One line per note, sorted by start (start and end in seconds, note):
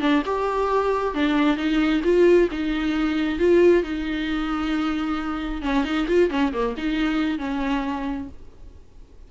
0.00 0.22 D4
0.25 1.14 G4
1.14 1.56 D4
1.56 2.01 D#4
2.04 2.49 F4
2.51 3.38 D#4
3.38 3.83 F4
3.83 5.62 D#4
5.62 5.84 C#4
5.84 6.07 D#4
6.07 6.30 F4
6.30 6.52 C#4
6.52 6.75 A#3
6.77 7.38 D#4
7.38 8.28 C#4